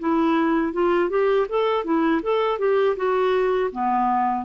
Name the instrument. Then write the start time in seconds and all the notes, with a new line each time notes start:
clarinet
0.00 E4
0.73 F4
1.10 G4
1.49 A4
1.85 E4
2.23 A4
2.59 G4
2.97 F#4
3.72 B3